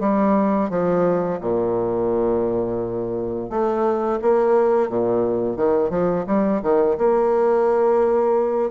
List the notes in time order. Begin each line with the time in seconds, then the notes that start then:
0.00 G3
0.70 F3
1.41 A#2
3.50 A3
4.22 A#3
4.89 A#2
5.57 D#3
5.90 F3
6.27 G3
6.62 D#3
6.98 A#3